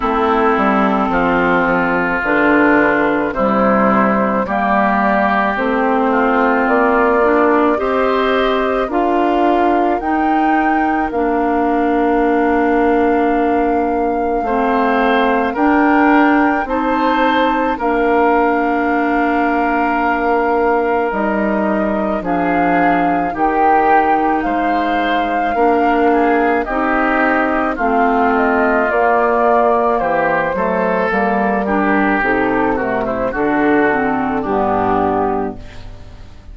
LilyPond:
<<
  \new Staff \with { instrumentName = "flute" } { \time 4/4 \tempo 4 = 54 a'2 b'4 c''4 | d''4 c''4 d''4 dis''4 | f''4 g''4 f''2~ | f''2 g''4 a''4 |
f''2. dis''4 | f''4 g''4 f''2 | dis''4 f''8 dis''8 d''4 c''4 | ais'4 a'8 ais'16 c''16 a'4 g'4 | }
  \new Staff \with { instrumentName = "oboe" } { \time 4/4 e'4 f'2 e'4 | g'4. f'4. c''4 | ais'1~ | ais'4 c''4 ais'4 c''4 |
ais'1 | gis'4 g'4 c''4 ais'8 gis'8 | g'4 f'2 g'8 a'8~ | a'8 g'4 fis'16 e'16 fis'4 d'4 | }
  \new Staff \with { instrumentName = "clarinet" } { \time 4/4 c'2 d'4 g4 | ais4 c'4. d'8 g'4 | f'4 dis'4 d'2~ | d'4 c'4 d'4 dis'4 |
d'2. dis'4 | d'4 dis'2 d'4 | dis'4 c'4 ais4. a8 | ais8 d'8 dis'8 a8 d'8 c'8 b4 | }
  \new Staff \with { instrumentName = "bassoon" } { \time 4/4 a8 g8 f4 d4 c4 | g4 a4 ais4 c'4 | d'4 dis'4 ais2~ | ais4 a4 d'4 c'4 |
ais2. g4 | f4 dis4 gis4 ais4 | c'4 a4 ais4 e8 fis8 | g4 c4 d4 g,4 | }
>>